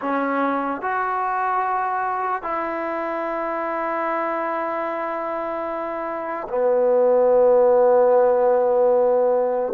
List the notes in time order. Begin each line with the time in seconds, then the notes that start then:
0.01 C#4
0.81 F#4
2.42 E4
6.48 B3